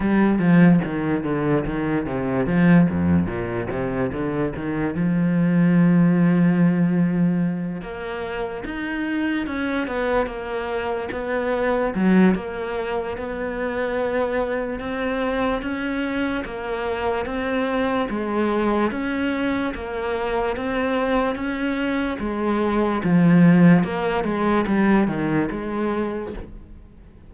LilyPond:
\new Staff \with { instrumentName = "cello" } { \time 4/4 \tempo 4 = 73 g8 f8 dis8 d8 dis8 c8 f8 f,8 | ais,8 c8 d8 dis8 f2~ | f4. ais4 dis'4 cis'8 | b8 ais4 b4 fis8 ais4 |
b2 c'4 cis'4 | ais4 c'4 gis4 cis'4 | ais4 c'4 cis'4 gis4 | f4 ais8 gis8 g8 dis8 gis4 | }